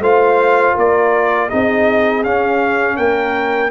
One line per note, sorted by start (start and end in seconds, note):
0.00 0.74 A3
0.00 1.50 F4
0.00 0.75 C5
0.00 0.77 F5
0.75 1.51 A#3
0.75 1.49 A#4
0.75 1.50 D5
1.50 2.26 C4
1.50 2.24 D#4
1.50 2.97 G#4
1.50 2.24 D#5
2.24 3.71 C#4
2.24 2.98 C#4
2.24 2.97 F5
2.97 3.71 A#3
2.97 3.71 A#4
2.97 3.71 G5